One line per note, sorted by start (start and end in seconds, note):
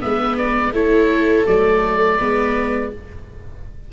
0.00 0.71 G#3
0.00 0.72 B3
0.00 0.74 B4
0.00 0.37 E5
0.37 0.73 D5
0.71 1.44 A3
0.71 1.46 E4
0.71 2.17 A4
0.71 1.46 C#5
1.46 2.19 F#3
1.46 2.19 A3
1.46 2.91 D5
2.17 2.92 G#3
2.17 2.92 B3
2.17 2.89 B4